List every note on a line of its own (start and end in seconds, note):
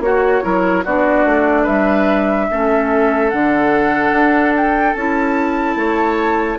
0.00 0.41 A#3
0.00 0.42 F#4
0.00 0.43 F#4
0.00 0.84 C#5
0.42 0.85 F#3
0.42 0.83 E4
0.42 0.84 A#4
0.84 1.25 B3
0.84 2.51 D4
0.84 1.63 F#4
0.84 1.66 D5
1.25 1.66 A3
1.63 2.49 G3
1.63 2.45 B4
1.63 3.29 E5
2.51 3.33 A3
2.51 3.32 C#4
2.51 5.78 A4
3.29 4.12 D3
3.29 4.96 D4
3.29 4.53 F#5
4.12 4.94 D4
4.57 4.94 G5
4.94 5.75 C#4
4.94 6.59 E4
4.94 6.58 A5
5.75 6.58 A3
5.75 6.59 C#5